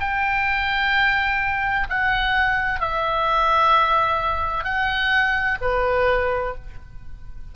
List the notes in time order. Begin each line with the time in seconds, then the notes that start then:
0.00 G5
1.90 F#5
2.81 E5
4.65 F#5
5.61 B4